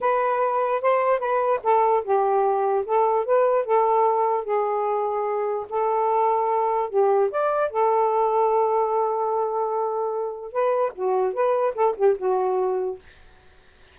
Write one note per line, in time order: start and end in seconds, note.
0.00 0.81 B4
0.81 1.19 C5
1.19 1.59 B4
1.63 2.03 A4
2.03 2.85 G4
2.85 3.25 A4
3.25 3.65 B4
3.65 4.44 A4
4.44 5.66 G#4
5.69 6.89 A4
6.89 7.30 G4
7.30 7.70 D5
7.70 10.51 A4
10.51 10.92 B4
10.95 11.33 F#4
11.33 11.74 B4
11.74 11.95 A4
11.96 12.16 G4
12.17 12.98 F#4